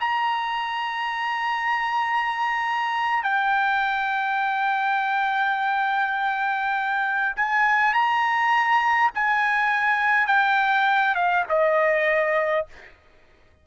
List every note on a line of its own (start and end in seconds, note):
0.00 3.23 A#5
3.23 7.35 G5
7.36 7.94 G#5
7.94 9.11 A#5
9.14 10.27 G#5
10.27 11.15 G5
11.15 11.44 F5
11.49 12.67 D#5